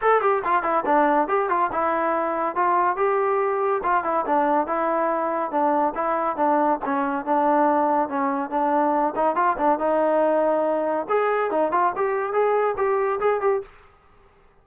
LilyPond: \new Staff \with { instrumentName = "trombone" } { \time 4/4 \tempo 4 = 141 a'8 g'8 f'8 e'8 d'4 g'8 f'8 | e'2 f'4 g'4~ | g'4 f'8 e'8 d'4 e'4~ | e'4 d'4 e'4 d'4 |
cis'4 d'2 cis'4 | d'4. dis'8 f'8 d'8 dis'4~ | dis'2 gis'4 dis'8 f'8 | g'4 gis'4 g'4 gis'8 g'8 | }